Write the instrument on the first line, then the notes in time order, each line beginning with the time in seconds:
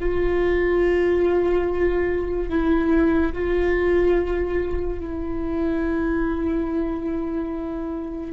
viola
0.00 F4
2.49 E4
3.33 F4
5.00 E4